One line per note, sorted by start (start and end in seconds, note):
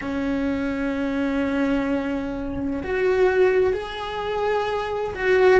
0.01 2.82 C#4
2.83 3.73 F#4
3.73 5.13 G#4
5.14 5.60 F#4